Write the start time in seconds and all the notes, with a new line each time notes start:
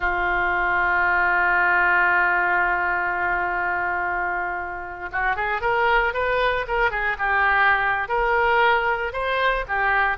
0.00 F4
5.12 F#4
5.36 G#4
5.61 A#4
6.13 B4
6.67 A#4
6.90 G#4
7.18 G4
8.08 A#4
9.12 C5
9.68 G4